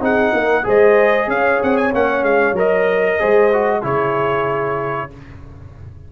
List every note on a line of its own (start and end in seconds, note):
0.00 0.32 C4
0.00 0.64 D#4
0.00 0.34 G#4
0.00 0.68 F#5
0.34 0.65 A#3
0.34 0.66 A#4
0.64 1.28 G#3
0.64 1.91 G#4
0.64 1.30 C5
0.64 1.30 D#5
1.28 1.60 C#4
1.28 3.20 C#5
1.28 1.62 F5
1.63 1.94 C4
1.63 1.77 F#5
1.77 1.93 G#5
1.94 2.23 A#3
1.94 2.56 C#4
1.94 2.25 F#5
2.23 2.53 G#3
2.23 2.57 F5
2.53 3.16 F#3
2.53 3.20 A#4
2.59 3.85 D#5
3.20 3.84 G#3
3.20 3.52 G#4
3.20 3.80 C5
3.53 3.82 F#4
3.80 5.11 C#3
3.80 5.10 E4
3.80 5.08 G#4
3.80 5.12 C#5